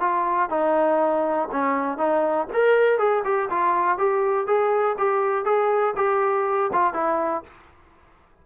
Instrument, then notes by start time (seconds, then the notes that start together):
trombone
0.00 F4
0.50 D#4
1.52 C#4
1.97 D#4
2.53 A#4
2.98 G#4
3.25 G4
3.50 F4
3.98 G4
4.47 G#4
4.98 G4
5.45 G#4
5.96 G4
6.73 F4
6.93 E4